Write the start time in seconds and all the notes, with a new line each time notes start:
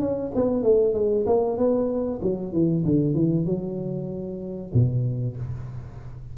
0.00 C#4
0.35 B3
0.63 A3
0.94 G#3
1.26 A#3
1.57 B3
2.22 F#3
2.53 E3
2.84 D3
3.14 E3
3.46 F#3
4.73 B2